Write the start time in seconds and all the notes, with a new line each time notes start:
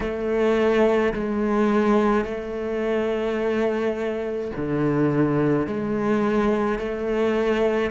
0.00 A3
1.13 G#3
2.24 A3
4.56 D3
5.67 G#3
6.79 A3